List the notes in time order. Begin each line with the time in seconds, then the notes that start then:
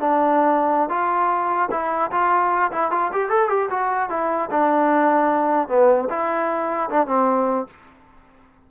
0.00 D4
0.89 F4
1.71 E4
2.11 F4
2.72 E4
2.91 F4
3.13 G4
3.30 A4
3.49 G4
3.70 F#4
4.10 E4
4.51 D4
5.68 B3
6.10 E4
6.90 D4
7.07 C4